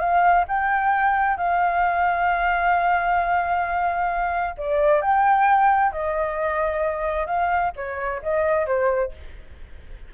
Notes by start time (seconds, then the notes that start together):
0.00 F5
0.48 G5
1.38 F5
4.58 D5
5.02 G5
5.92 D#5
7.27 F5
7.76 C#5
8.23 D#5
8.67 C5